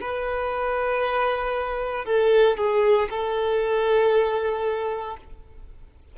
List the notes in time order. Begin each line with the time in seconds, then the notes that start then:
0.00 B4
2.05 A4
2.57 G#4
3.09 A4